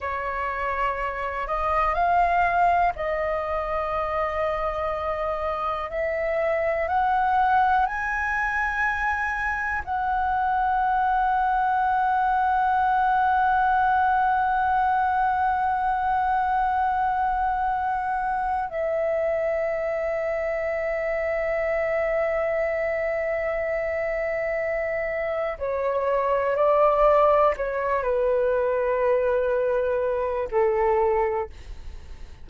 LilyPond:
\new Staff \with { instrumentName = "flute" } { \time 4/4 \tempo 4 = 61 cis''4. dis''8 f''4 dis''4~ | dis''2 e''4 fis''4 | gis''2 fis''2~ | fis''1~ |
fis''2. e''4~ | e''1~ | e''2 cis''4 d''4 | cis''8 b'2~ b'8 a'4 | }